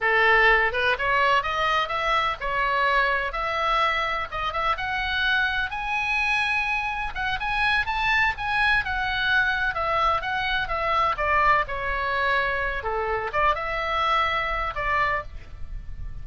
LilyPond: \new Staff \with { instrumentName = "oboe" } { \time 4/4 \tempo 4 = 126 a'4. b'8 cis''4 dis''4 | e''4 cis''2 e''4~ | e''4 dis''8 e''8 fis''2 | gis''2. fis''8 gis''8~ |
gis''8 a''4 gis''4 fis''4.~ | fis''8 e''4 fis''4 e''4 d''8~ | d''8 cis''2~ cis''8 a'4 | d''8 e''2~ e''8 d''4 | }